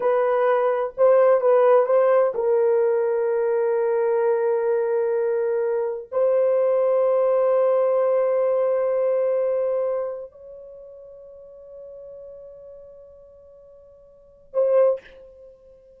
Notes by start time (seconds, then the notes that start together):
0.00 B4
0.97 C5
1.40 B4
1.86 C5
2.34 A#4
6.11 C5
10.31 C#5
14.53 C5